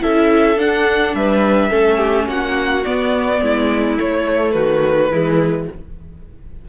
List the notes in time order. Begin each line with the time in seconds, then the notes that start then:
0.00 C#4 E4 A4 E5
0.57 D4 F#5
1.14 G3 B4 E5
1.70 A3 C#4 A4
1.98 G4
2.27 A#3 F#4 F#5
2.85 B3 D5
3.42 G#3 E4
3.98 A3 C#5
4.52 D#3 F#4 B4
5.11 E3 G#3 E4